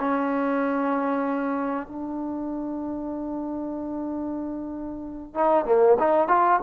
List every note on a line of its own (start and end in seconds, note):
0.00 1.87 C#4
1.87 5.35 D4
5.35 5.66 D#4
5.66 5.97 A#3
5.99 6.28 D#4
6.28 6.60 F4